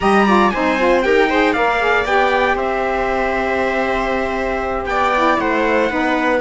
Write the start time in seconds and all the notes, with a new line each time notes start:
0.00 G3 G4 D#5 A#5
0.26 F4 D5
0.50 C4 D#4 C5 G#5
0.78 F4
1.01 D#4 G4 A#4 G5
1.29 G#4 C5
1.52 A#3 A#4 D5 F5
1.79 G#4
2.05 B3 G4 G5
2.54 C4 C5 E5
4.85 B3 D5 G5
5.14 E4
5.39 A3 C5 F#5
5.89 B3 D#4 B4